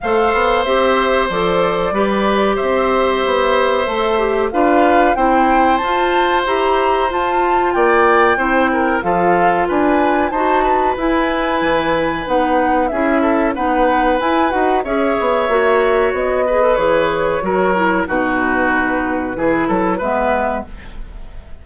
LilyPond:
<<
  \new Staff \with { instrumentName = "flute" } { \time 4/4 \tempo 4 = 93 f''4 e''4 d''2 | e''2. f''4 | g''4 a''4 ais''4 a''4 | g''2 f''4 gis''4 |
a''4 gis''2 fis''4 | e''4 fis''4 gis''8 fis''8 e''4~ | e''4 dis''4 cis''2 | b'2. e''4 | }
  \new Staff \with { instrumentName = "oboe" } { \time 4/4 c''2. b'4 | c''2. b'4 | c''1 | d''4 c''8 ais'8 a'4 b'4 |
c''8 b'2.~ b'8 | gis'8 a'8 b'2 cis''4~ | cis''4. b'4. ais'4 | fis'2 gis'8 a'8 b'4 | }
  \new Staff \with { instrumentName = "clarinet" } { \time 4/4 a'4 g'4 a'4 g'4~ | g'2 a'8 g'8 f'4 | e'4 f'4 g'4 f'4~ | f'4 e'4 f'2 |
fis'4 e'2 dis'4 | e'4 dis'4 e'8 fis'8 gis'4 | fis'4. gis'16 a'16 gis'4 fis'8 e'8 | dis'2 e'4 b4 | }
  \new Staff \with { instrumentName = "bassoon" } { \time 4/4 a8 b8 c'4 f4 g4 | c'4 b4 a4 d'4 | c'4 f'4 e'4 f'4 | ais4 c'4 f4 d'4 |
dis'4 e'4 e4 b4 | cis'4 b4 e'8 dis'8 cis'8 b8 | ais4 b4 e4 fis4 | b,2 e8 fis8 gis4 | }
>>